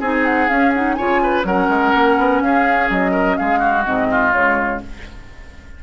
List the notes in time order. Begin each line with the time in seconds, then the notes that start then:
0.00 C4 D#4 G#4 G#5
0.25 F#5
0.49 C#4 F5
0.74 D#4 F#5
0.94 C#3 F4 C#5 G#5
1.23 B4
1.44 F#3 C#4 A#4 F#5
1.69 G#3
1.95 A#3
2.18 B3
2.42 C#4 G#4 F5
2.90 F#3 D#5
3.12 A#4
3.37 G#3 G#4 F5
3.59 F#4
3.85 G#2 C4 D#5
4.11 F4
4.32 C#3 G#3 C#5